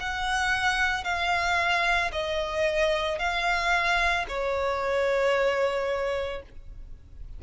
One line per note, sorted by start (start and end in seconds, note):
0.00 1.04 F#5
1.04 2.11 F5
2.12 3.19 D#5
3.19 4.26 F5
4.28 6.42 C#5